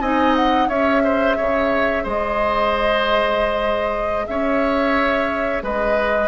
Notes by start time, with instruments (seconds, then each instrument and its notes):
0.00 bassoon C4, clarinet D#4, oboe D#5, flute G#5
0.36 flute F#5
0.68 bassoon C#4, clarinet G#4, oboe C#5, flute E5
1.04 oboe C5
1.37 bassoon C#3, oboe C#5
2.03 bassoon G#3, oboe C5, flute D#5
4.26 bassoon C#4, oboe C#5, flute E5
5.62 bassoon G#3, oboe B4, flute D#5